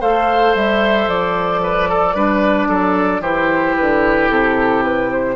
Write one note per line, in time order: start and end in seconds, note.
0.00 0.54 A3
0.00 2.15 A4
0.00 1.61 C5
0.00 0.54 F5
0.54 1.07 G3
0.54 1.08 E5
1.07 2.14 F3
1.07 3.21 D5
1.62 1.89 B4
1.89 2.14 A4
2.14 2.68 G3
2.14 3.22 D4
2.14 2.68 B4
2.68 3.20 F#3
2.68 3.21 A4
3.20 3.73 E3
3.20 5.35 E4
3.20 5.35 G4
3.20 3.75 C5
3.76 4.29 D3
3.76 4.29 B4
4.29 5.35 C3
4.29 4.83 A4
4.84 5.11 B4
5.11 5.35 C5